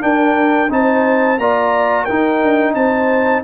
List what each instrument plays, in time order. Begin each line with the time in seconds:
0.00 trombone D4, tuba D4, horn A#4, trumpet G5
0.69 tuba C4, trombone D#4, horn C5, trumpet A5
1.37 tuba A#3, trombone F4, horn D5, trumpet A#5
2.04 trombone D#4, tuba D#4, horn A#4, trumpet G5
2.42 tuba D4
2.74 tuba C4, horn C5, trumpet A5